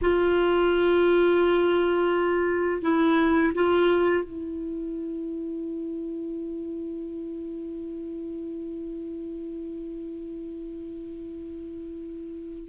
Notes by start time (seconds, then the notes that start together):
0.01 F4
2.82 E4
3.54 F4
4.23 E4